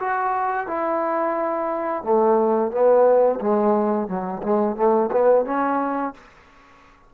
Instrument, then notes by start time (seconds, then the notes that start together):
trombone
0.00 F#4
0.67 E4
2.04 A3
2.72 B3
3.41 G#3
4.08 F#3
4.43 G#3
4.76 A3
5.12 B3
5.46 C#4